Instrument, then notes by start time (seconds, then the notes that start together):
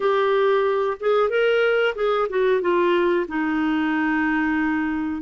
clarinet
0.00 G4
1.00 G#4
1.29 A#4
1.95 G#4
2.29 F#4
2.61 F4
3.28 D#4